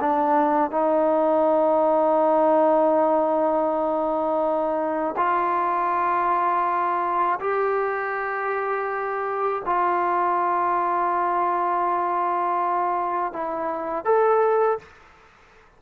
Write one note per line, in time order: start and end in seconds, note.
0.00 0.71 D4
0.71 5.15 D#4
5.16 7.39 F4
7.40 9.62 G4
9.65 13.32 F4
13.32 14.04 E4
14.04 14.78 A4